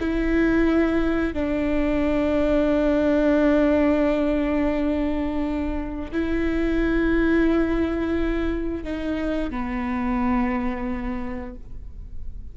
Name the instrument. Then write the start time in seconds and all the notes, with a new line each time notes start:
viola
0.00 E4
1.34 D4
6.12 E4
8.84 D#4
9.50 B3